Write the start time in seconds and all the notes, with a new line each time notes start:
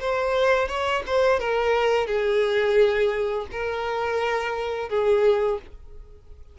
0.00 C5
0.68 C#5
1.07 C5
1.40 A#4
2.07 G#4
3.52 A#4
4.89 G#4